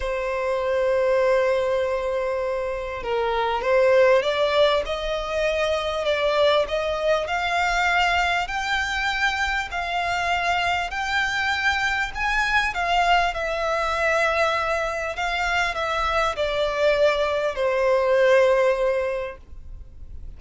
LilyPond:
\new Staff \with { instrumentName = "violin" } { \time 4/4 \tempo 4 = 99 c''1~ | c''4 ais'4 c''4 d''4 | dis''2 d''4 dis''4 | f''2 g''2 |
f''2 g''2 | gis''4 f''4 e''2~ | e''4 f''4 e''4 d''4~ | d''4 c''2. | }